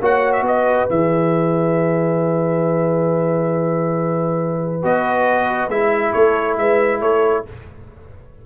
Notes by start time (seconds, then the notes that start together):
0.00 A#3 F#4 C#5 F#5
0.32 E5
0.41 B3 B4 D#5
0.89 E3 G#4 E5
4.82 B3 F#4 D#5
5.68 G#3 E4 E5
6.12 A3 A4 C#5
6.57 G#3 B4 E5
7.00 A3 A4 C#5